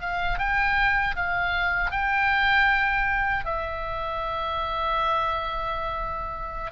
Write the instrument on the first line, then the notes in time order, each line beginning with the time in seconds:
oboe
0.00 F5
0.38 G5
1.15 F5
1.91 G5
3.45 E5